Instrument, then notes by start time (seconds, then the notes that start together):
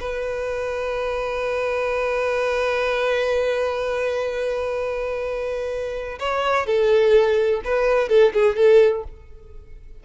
violin
0.00 B4
6.19 C#5
6.66 A4
7.64 B4
8.09 A4
8.34 G#4
8.56 A4